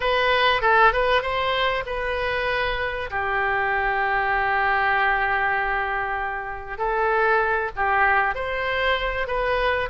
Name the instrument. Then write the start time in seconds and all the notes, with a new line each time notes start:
oboe
0.00 B4
0.61 A4
0.93 B4
1.21 C5
1.86 B4
3.10 G4
6.78 A4
7.75 G4
8.34 C5
9.27 B4